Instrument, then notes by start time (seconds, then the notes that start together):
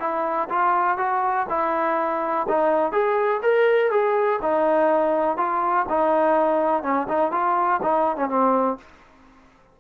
trombone
0.00 E4
0.50 F4
0.98 F#4
1.49 E4
2.49 D#4
2.93 G#4
3.43 A#4
3.91 G#4
4.42 D#4
5.38 F4
5.90 D#4
6.83 C#4
7.09 D#4
7.32 F4
7.83 D#4
8.17 C#4
8.29 C4